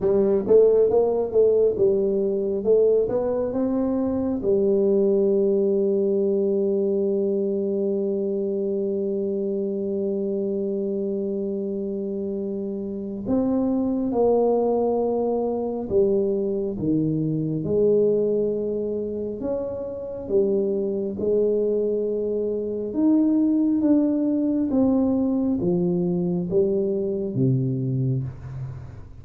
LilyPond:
\new Staff \with { instrumentName = "tuba" } { \time 4/4 \tempo 4 = 68 g8 a8 ais8 a8 g4 a8 b8 | c'4 g2.~ | g1~ | g2. c'4 |
ais2 g4 dis4 | gis2 cis'4 g4 | gis2 dis'4 d'4 | c'4 f4 g4 c4 | }